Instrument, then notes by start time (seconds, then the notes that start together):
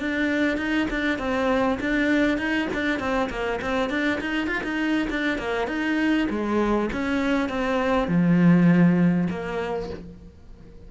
cello
0.00 D4
0.58 D#4
0.91 D4
1.19 C4
1.81 D4
2.38 D#4
2.74 D4
3.00 C4
3.30 A#3
3.62 C4
3.90 D4
4.21 D#4
4.48 F4
4.64 D#4
5.10 D4
5.38 A#3
5.68 D#4
6.30 G#3
6.93 C#4
7.49 C4
8.08 F3
9.30 A#3